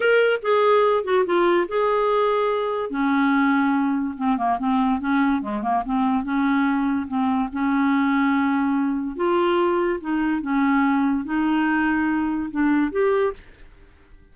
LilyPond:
\new Staff \with { instrumentName = "clarinet" } { \time 4/4 \tempo 4 = 144 ais'4 gis'4. fis'8 f'4 | gis'2. cis'4~ | cis'2 c'8 ais8 c'4 | cis'4 gis8 ais8 c'4 cis'4~ |
cis'4 c'4 cis'2~ | cis'2 f'2 | dis'4 cis'2 dis'4~ | dis'2 d'4 g'4 | }